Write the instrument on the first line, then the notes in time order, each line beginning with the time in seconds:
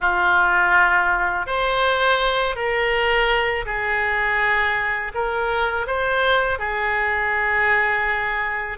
oboe
0.00 F4
1.46 C5
2.55 A#4
3.65 G#4
5.14 A#4
5.86 C5
6.59 G#4